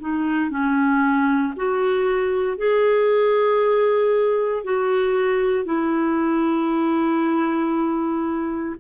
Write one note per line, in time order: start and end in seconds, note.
0.00 0.50 D#4
0.50 1.54 C#4
1.56 2.57 F#4
2.57 4.64 G#4
4.64 5.65 F#4
5.65 8.75 E4